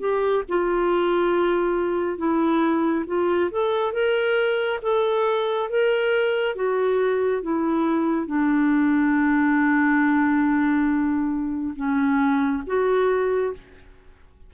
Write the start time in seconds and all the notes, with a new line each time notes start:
0.00 G4
0.49 F4
2.18 E4
3.07 F4
3.51 A4
3.93 A#4
4.83 A4
5.70 A#4
6.55 F#4
7.42 E4
8.26 D4
11.76 C#4
12.67 F#4